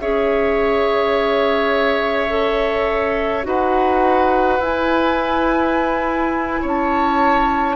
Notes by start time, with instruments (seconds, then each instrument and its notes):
0.00 bassoon C#4, clarinet G#4, oboe C#5, flute E5
2.29 clarinet A4
3.44 bassoon D#4, clarinet F#4, oboe B4, flute F#5
4.60 bassoon E4, clarinet E4, flute G#5
6.62 bassoon C#4, oboe C#5
6.68 flute A5